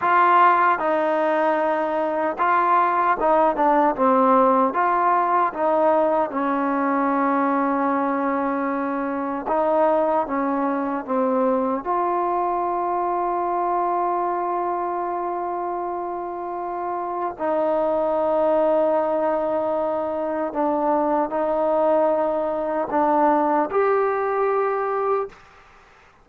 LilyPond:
\new Staff \with { instrumentName = "trombone" } { \time 4/4 \tempo 4 = 76 f'4 dis'2 f'4 | dis'8 d'8 c'4 f'4 dis'4 | cis'1 | dis'4 cis'4 c'4 f'4~ |
f'1~ | f'2 dis'2~ | dis'2 d'4 dis'4~ | dis'4 d'4 g'2 | }